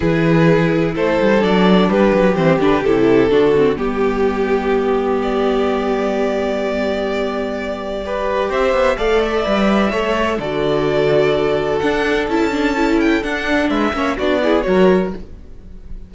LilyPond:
<<
  \new Staff \with { instrumentName = "violin" } { \time 4/4 \tempo 4 = 127 b'2 c''4 d''4 | b'4 c''8 b'8 a'2 | g'2. d''4~ | d''1~ |
d''2 e''4 f''8 e''8~ | e''2 d''2~ | d''4 fis''4 a''4. g''8 | fis''4 e''4 d''4 cis''4 | }
  \new Staff \with { instrumentName = "violin" } { \time 4/4 gis'2 a'2 | g'2. fis'4 | g'1~ | g'1~ |
g'4 b'4 c''4 d''4~ | d''4 cis''4 a'2~ | a'1~ | a'4 b'8 cis''8 fis'8 gis'8 ais'4 | }
  \new Staff \with { instrumentName = "viola" } { \time 4/4 e'2. d'4~ | d'4 c'8 d'8 e'4 d'8 c'8 | b1~ | b1~ |
b4 g'2 a'4 | b'4 a'4 fis'2~ | fis'4 d'4 e'8 d'8 e'4 | d'4. cis'8 d'8 e'8 fis'4 | }
  \new Staff \with { instrumentName = "cello" } { \time 4/4 e2 a8 g8 fis4 | g8 fis8 e8 d8 c4 d4 | g1~ | g1~ |
g2 c'8 b8 a4 | g4 a4 d2~ | d4 d'4 cis'2 | d'4 gis8 ais8 b4 fis4 | }
>>